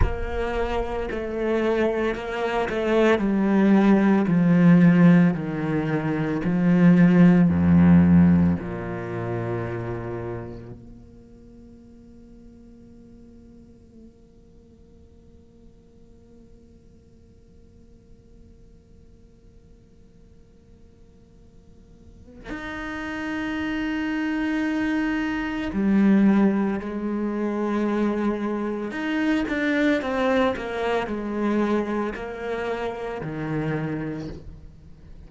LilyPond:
\new Staff \with { instrumentName = "cello" } { \time 4/4 \tempo 4 = 56 ais4 a4 ais8 a8 g4 | f4 dis4 f4 f,4 | ais,2 ais2~ | ais1~ |
ais1~ | ais4 dis'2. | g4 gis2 dis'8 d'8 | c'8 ais8 gis4 ais4 dis4 | }